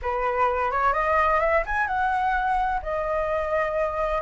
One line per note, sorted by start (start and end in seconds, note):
0.01 0.71 B4
0.71 0.93 C#5
0.93 1.40 D#5
1.40 1.63 E5
1.66 1.87 G#5
1.87 2.80 F#5
2.82 4.21 D#5